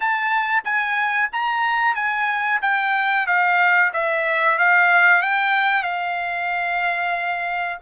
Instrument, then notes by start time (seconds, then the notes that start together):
trumpet
0.00 A5
0.64 G#5
1.32 A#5
1.95 G#5
2.61 G5
3.26 F5
3.93 E5
4.58 F5
5.22 G5
5.83 F5